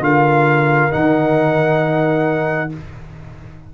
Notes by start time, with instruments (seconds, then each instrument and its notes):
0.00 tuba D3, trombone F4, horn A#4, trumpet F5
0.91 tuba D#3, trombone D#4, trumpet F#5